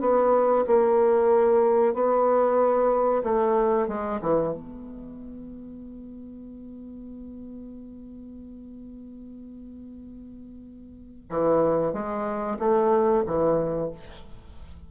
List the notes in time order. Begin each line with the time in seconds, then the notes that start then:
0.00 B3
0.67 A#3
1.94 B3
3.23 A3
3.87 G#3
4.21 E3
4.53 B3
11.29 E3
11.93 G#3
12.59 A3
13.26 E3